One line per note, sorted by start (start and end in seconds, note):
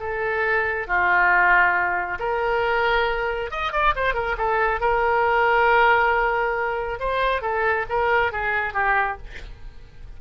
0.00 0.88 A4
0.88 2.19 F4
2.20 3.51 A#4
3.51 3.73 D#5
3.73 3.95 D5
3.96 4.14 C5
4.14 4.36 A#4
4.38 4.81 A4
4.81 7.00 A#4
7.00 7.42 C5
7.42 7.86 A4
7.90 8.33 A#4
8.33 8.74 G#4
8.74 9.18 G4